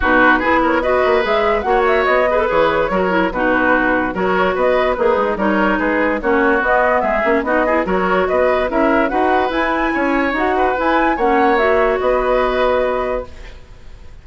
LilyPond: <<
  \new Staff \with { instrumentName = "flute" } { \time 4/4 \tempo 4 = 145 b'4. cis''8 dis''4 e''4 | fis''8 e''8 dis''4 cis''2 | b'2 cis''4 dis''4 | b'4 cis''4 b'4 cis''4 |
dis''4 e''4 dis''4 cis''4 | dis''4 e''4 fis''4 gis''4~ | gis''4 fis''4 gis''4 fis''4 | e''4 dis''2. | }
  \new Staff \with { instrumentName = "oboe" } { \time 4/4 fis'4 gis'8 ais'8 b'2 | cis''4. b'4. ais'4 | fis'2 ais'4 b'4 | dis'4 ais'4 gis'4 fis'4~ |
fis'4 gis'4 fis'8 gis'8 ais'4 | b'4 ais'4 b'2 | cis''4. b'4. cis''4~ | cis''4 b'2. | }
  \new Staff \with { instrumentName = "clarinet" } { \time 4/4 dis'4 e'4 fis'4 gis'4 | fis'4. gis'16 a'16 gis'4 fis'8 e'8 | dis'2 fis'2 | gis'4 dis'2 cis'4 |
b4. cis'8 dis'8 e'8 fis'4~ | fis'4 e'4 fis'4 e'4~ | e'4 fis'4 e'4 cis'4 | fis'1 | }
  \new Staff \with { instrumentName = "bassoon" } { \time 4/4 b,4 b4. ais8 gis4 | ais4 b4 e4 fis4 | b,2 fis4 b4 | ais8 gis8 g4 gis4 ais4 |
b4 gis8 ais8 b4 fis4 | b4 cis'4 dis'4 e'4 | cis'4 dis'4 e'4 ais4~ | ais4 b2. | }
>>